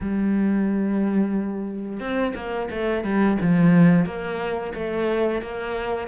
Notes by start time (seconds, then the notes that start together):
0.00 G3
1.99 C4
2.35 A#3
2.70 A3
3.04 G3
3.41 F3
4.05 A#3
4.74 A3
5.41 A#3